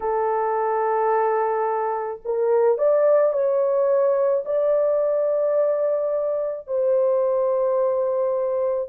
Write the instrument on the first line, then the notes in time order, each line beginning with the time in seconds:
horn
0.00 A4
2.24 A#4
2.78 D5
3.32 C#5
4.45 D5
6.67 C5